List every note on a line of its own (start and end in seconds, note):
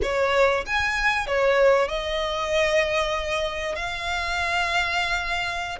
0.02 0.64 C#5
0.66 1.26 G#5
1.26 1.88 C#5
1.88 3.75 D#5
3.75 5.78 F5